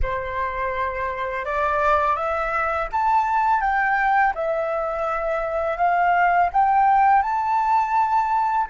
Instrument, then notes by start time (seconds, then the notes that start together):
flute
0.02 C5
1.45 D5
2.16 E5
2.91 A5
3.60 G5
4.34 E5
5.77 F5
6.53 G5
7.22 A5